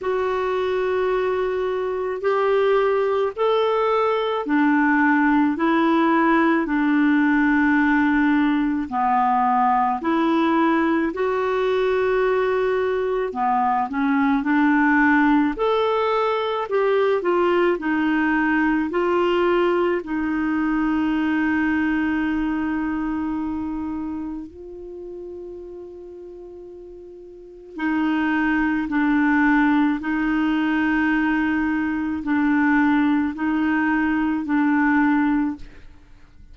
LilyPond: \new Staff \with { instrumentName = "clarinet" } { \time 4/4 \tempo 4 = 54 fis'2 g'4 a'4 | d'4 e'4 d'2 | b4 e'4 fis'2 | b8 cis'8 d'4 a'4 g'8 f'8 |
dis'4 f'4 dis'2~ | dis'2 f'2~ | f'4 dis'4 d'4 dis'4~ | dis'4 d'4 dis'4 d'4 | }